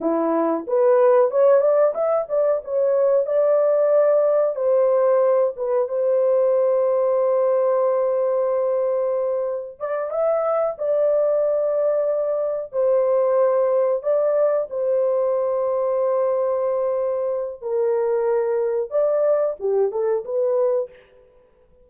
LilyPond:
\new Staff \with { instrumentName = "horn" } { \time 4/4 \tempo 4 = 92 e'4 b'4 cis''8 d''8 e''8 d''8 | cis''4 d''2 c''4~ | c''8 b'8 c''2.~ | c''2. d''8 e''8~ |
e''8 d''2. c''8~ | c''4. d''4 c''4.~ | c''2. ais'4~ | ais'4 d''4 g'8 a'8 b'4 | }